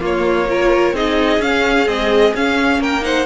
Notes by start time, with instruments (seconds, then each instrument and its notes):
0.00 viola A#3, cello A#3, violin F4 C#5
0.50 viola F4, violin A#4
0.93 cello C4, viola D#4, violin G#4 D#5
1.40 cello C#4, viola C#4, violin F5
1.86 viola G#3, cello C4, violin D#5
2.35 cello C#4, viola C#4, violin F5
2.79 cello A#3, violin A#4 G5
3.01 viola D#4, violin C5 F#5